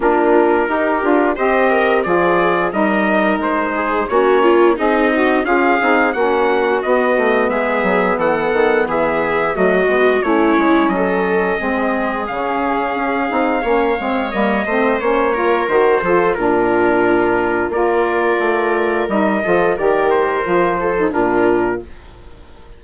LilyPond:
<<
  \new Staff \with { instrumentName = "trumpet" } { \time 4/4 \tempo 4 = 88 ais'2 dis''4 d''4 | dis''4 c''4 cis''4 dis''4 | f''4 fis''4 dis''4 e''4 | fis''4 e''4 dis''4 cis''4 |
dis''2 f''2~ | f''4 dis''4 cis''4 c''4 | ais'2 d''2 | dis''4 d''8 c''4. ais'4 | }
  \new Staff \with { instrumentName = "viola" } { \time 4/4 f'4 g'4 c''8 ais'8 gis'4 | ais'4. gis'8 fis'8 f'8 dis'4 | gis'4 fis'2 gis'4 | a'4 gis'4 fis'4 e'4 |
a'4 gis'2. | cis''4. c''4 ais'4 a'8 | f'2 ais'2~ | ais'8 a'8 ais'4. a'8 f'4 | }
  \new Staff \with { instrumentName = "saxophone" } { \time 4/4 d'4 dis'8 f'8 g'4 f'4 | dis'2 cis'4 gis'8 fis'8 | f'8 dis'8 cis'4 b2~ | b2 a8 b8 cis'4~ |
cis'4 c'4 cis'4. dis'8 | cis'8 c'8 ais8 c'8 cis'8 f'8 fis'8 f'8 | d'2 f'2 | dis'8 f'8 g'4 f'8. dis'16 d'4 | }
  \new Staff \with { instrumentName = "bassoon" } { \time 4/4 ais4 dis'8 d'8 c'4 f4 | g4 gis4 ais4 c'4 | cis'8 c'8 ais4 b8 a8 gis8 fis8 | e8 dis8 e4 fis8 gis8 a8 gis8 |
fis4 gis4 cis4 cis'8 c'8 | ais8 gis8 g8 a8 ais4 dis8 f8 | ais,2 ais4 a4 | g8 f8 dis4 f4 ais,4 | }
>>